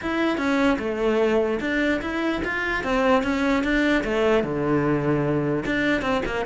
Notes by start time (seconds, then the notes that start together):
0.01 E4
0.37 C#4
0.79 A3
1.60 D4
2.01 E4
2.44 F4
2.83 C4
3.23 C#4
3.63 D4
4.04 A3
4.43 D3
5.65 D4
6.01 C4
6.25 A#3